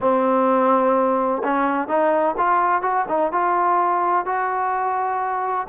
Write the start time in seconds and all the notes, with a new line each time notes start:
0.00 C4
1.43 C#4
1.87 D#4
2.37 F4
2.82 F#4
3.08 D#4
3.32 F4
4.25 F#4